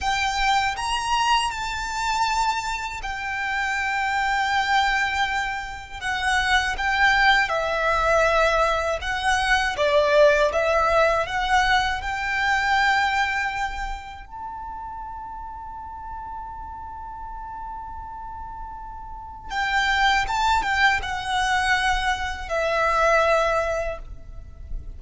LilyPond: \new Staff \with { instrumentName = "violin" } { \time 4/4 \tempo 4 = 80 g''4 ais''4 a''2 | g''1 | fis''4 g''4 e''2 | fis''4 d''4 e''4 fis''4 |
g''2. a''4~ | a''1~ | a''2 g''4 a''8 g''8 | fis''2 e''2 | }